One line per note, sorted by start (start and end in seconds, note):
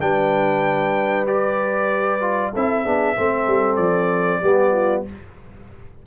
0.00 2.53 G3
0.00 1.26 D4
0.00 2.53 B4
0.00 1.26 G5
1.26 2.21 G4
1.26 2.53 D5
2.21 2.52 F4
2.53 2.85 C4
2.53 2.85 E4
2.53 2.83 A4
2.53 3.76 E5
2.83 3.17 B3
2.83 3.16 D4
2.83 3.15 G#4
3.15 3.47 A3
3.15 4.42 C4
3.15 4.41 A4
3.47 3.77 G3
3.76 4.40 F3
3.76 5.02 D5
4.41 5.06 G3
4.41 5.05 B3
4.41 4.72 G4
4.72 5.03 F4